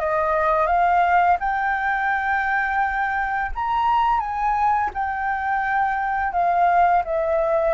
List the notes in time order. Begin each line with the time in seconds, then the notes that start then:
0.00 D#5
0.67 F5
1.40 G5
3.55 A#5
4.20 G#5
4.94 G5
6.33 F5
7.05 E5